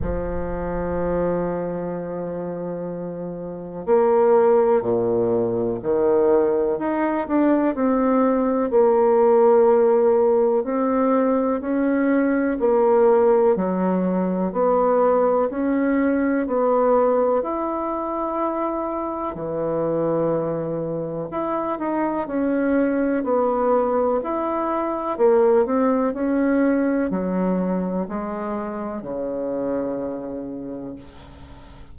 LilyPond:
\new Staff \with { instrumentName = "bassoon" } { \time 4/4 \tempo 4 = 62 f1 | ais4 ais,4 dis4 dis'8 d'8 | c'4 ais2 c'4 | cis'4 ais4 fis4 b4 |
cis'4 b4 e'2 | e2 e'8 dis'8 cis'4 | b4 e'4 ais8 c'8 cis'4 | fis4 gis4 cis2 | }